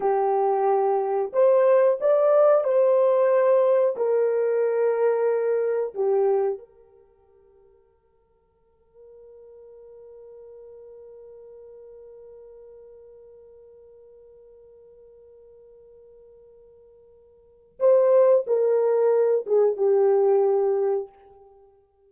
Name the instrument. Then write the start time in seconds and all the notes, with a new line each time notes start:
horn
0.00 G4
1.32 C5
2.00 D5
2.63 C5
3.96 A#4
5.94 G4
6.58 A#4
17.79 C5
18.46 A#4
19.46 G#4
19.76 G4